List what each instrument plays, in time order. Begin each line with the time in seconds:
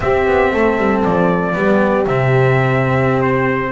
0.00 double bass C4, cello C4, horn G4, trumpet E5
0.26 double bass B3
0.52 double bass A3, horn A4
0.77 double bass G3
1.04 double bass F3, trumpet D5
1.53 double bass G3, cello B3, horn G4
2.06 double bass C3, cello C4, trumpet E5
3.21 trumpet C5